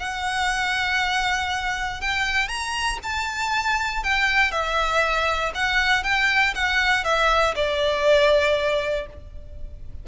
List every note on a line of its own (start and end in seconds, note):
0.00 2.01 F#5
2.01 2.49 G5
2.49 2.99 A#5
3.03 4.04 A5
4.04 4.52 G5
4.52 5.53 E5
5.55 6.04 F#5
6.04 6.55 G5
6.55 7.05 F#5
7.05 7.55 E5
7.56 9.07 D5